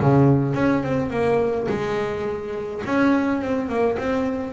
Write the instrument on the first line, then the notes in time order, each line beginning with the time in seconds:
double bass
0.00 C#3
0.55 C#4
0.83 C4
1.10 A#3
1.68 G#3
2.85 C#4
3.42 C4
3.69 A#3
3.98 C4